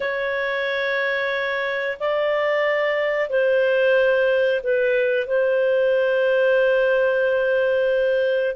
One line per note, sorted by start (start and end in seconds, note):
0.00 1.97 C#5
1.99 3.29 D5
3.29 4.61 C5
4.63 5.27 B4
5.27 8.55 C5